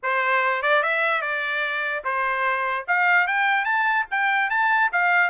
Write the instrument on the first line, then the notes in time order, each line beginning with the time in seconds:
trumpet
0.02 C5
0.62 D5
0.82 E5
1.21 D5
2.04 C5
2.87 F5
3.27 G5
3.65 A5
4.10 G5
4.50 A5
4.92 F5